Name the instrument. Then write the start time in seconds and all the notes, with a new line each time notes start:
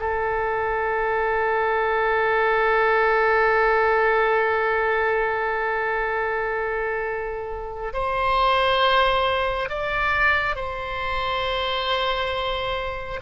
oboe
0.00 A4
7.94 C5
9.70 D5
10.56 C5